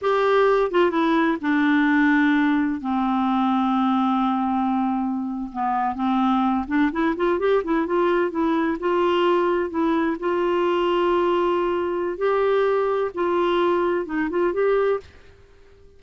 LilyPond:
\new Staff \with { instrumentName = "clarinet" } { \time 4/4 \tempo 4 = 128 g'4. f'8 e'4 d'4~ | d'2 c'2~ | c'2.~ c'8. b16~ | b8. c'4. d'8 e'8 f'8 g'16~ |
g'16 e'8 f'4 e'4 f'4~ f'16~ | f'8. e'4 f'2~ f'16~ | f'2 g'2 | f'2 dis'8 f'8 g'4 | }